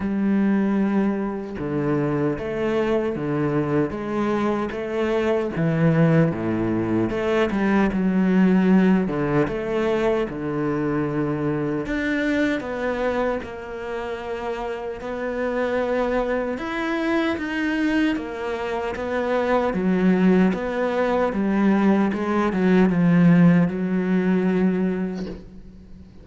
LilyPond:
\new Staff \with { instrumentName = "cello" } { \time 4/4 \tempo 4 = 76 g2 d4 a4 | d4 gis4 a4 e4 | a,4 a8 g8 fis4. d8 | a4 d2 d'4 |
b4 ais2 b4~ | b4 e'4 dis'4 ais4 | b4 fis4 b4 g4 | gis8 fis8 f4 fis2 | }